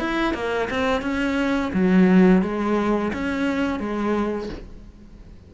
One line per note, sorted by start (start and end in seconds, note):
0.00 0.35 E4
0.35 0.69 A#3
0.70 1.02 C4
1.02 1.72 C#4
1.74 2.43 F#3
2.43 3.12 G#3
3.14 3.80 C#4
3.80 4.50 G#3